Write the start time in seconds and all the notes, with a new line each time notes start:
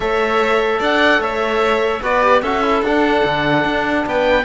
0.00 A3 A4 C#5 E5
0.79 D4 D5 F#5
1.19 A3 C#5 E5
2.02 B3 F#4 B4 D5
2.23 G4
2.42 C#4 F#4 A4 E5
2.63 E4
2.82 D4 F#5
3.24 D3
3.64 D4
4.06 B3 B4 G5